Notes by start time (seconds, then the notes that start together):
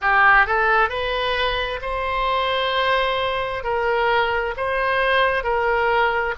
0.01 G4
0.46 A4
0.88 B4
1.81 C5
3.63 A#4
4.56 C5
5.43 A#4